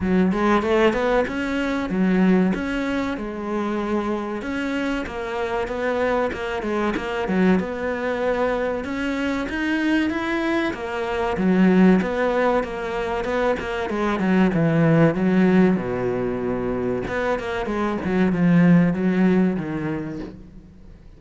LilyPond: \new Staff \with { instrumentName = "cello" } { \time 4/4 \tempo 4 = 95 fis8 gis8 a8 b8 cis'4 fis4 | cis'4 gis2 cis'4 | ais4 b4 ais8 gis8 ais8 fis8 | b2 cis'4 dis'4 |
e'4 ais4 fis4 b4 | ais4 b8 ais8 gis8 fis8 e4 | fis4 b,2 b8 ais8 | gis8 fis8 f4 fis4 dis4 | }